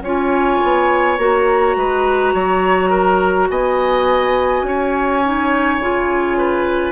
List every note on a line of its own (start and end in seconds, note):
0.00 0.58 C#4
0.00 1.18 F4
0.00 1.76 C#5
0.00 1.18 G#5
0.63 1.18 B3
1.18 1.75 A#3
1.18 5.22 F#4
1.18 3.49 A#5
1.76 2.33 G#3
1.76 2.34 B4
2.34 3.49 F#3
2.34 2.89 C#5
2.89 3.47 A#4
3.49 4.62 B3
3.49 4.66 D#5
3.49 6.91 G#5
4.62 5.77 C#4
4.62 6.37 C#5
5.23 5.81 D#4
5.79 6.91 C#3
5.79 6.91 F4
6.37 6.91 B4